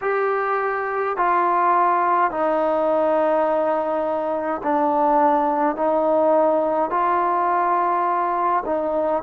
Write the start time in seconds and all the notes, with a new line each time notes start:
0.01 G4
1.16 F4
2.30 D#4
4.63 D4
5.76 D#4
6.90 F4
8.65 D#4